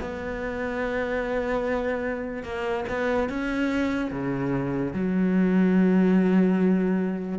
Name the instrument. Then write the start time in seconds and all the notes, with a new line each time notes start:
cello
0.00 B3
2.43 A#3
2.89 B3
3.29 C#4
4.11 C#3
4.93 F#3